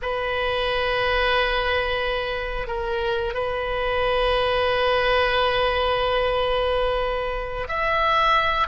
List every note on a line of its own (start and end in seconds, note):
0.02 2.67 B4
2.67 3.34 A#4
3.34 7.67 B4
7.68 8.67 E5